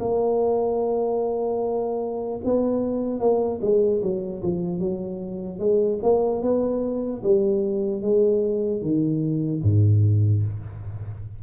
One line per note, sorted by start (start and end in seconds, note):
0.00 2.40 A#3
2.44 3.20 B3
3.20 3.60 A#3
3.61 4.01 G#3
4.02 4.42 F#3
4.43 4.79 F3
4.79 5.59 F#3
5.59 5.99 G#3
6.03 6.42 A#3
6.42 7.22 B3
7.23 8.02 G3
8.02 8.82 G#3
8.82 9.62 D#3
9.63 10.43 G#2